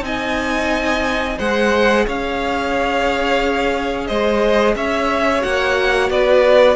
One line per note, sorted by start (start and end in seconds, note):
0.00 1.35 C4
0.00 1.36 D#4
0.00 1.37 D#5
0.00 1.38 G#5
1.37 2.06 G#3
1.37 5.40 G#4
1.37 2.05 C5
1.37 2.06 F#5
2.05 4.09 C#4
2.05 4.07 C#5
2.05 4.06 F5
4.06 4.75 G#3
4.06 4.75 C5
4.06 4.74 D#5
4.75 5.43 C#4
4.75 6.11 C#5
4.75 5.42 E5
5.40 6.09 A#3
5.40 6.75 F#4
5.40 6.10 F#5
6.09 6.75 B3
6.09 6.75 B4
6.09 6.75 D5